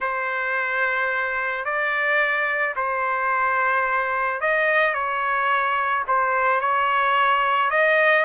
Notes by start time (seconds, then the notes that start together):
0.01 C5
1.64 D5
2.76 C5
4.41 D#5
4.94 C#5
6.07 C5
6.61 C#5
7.70 D#5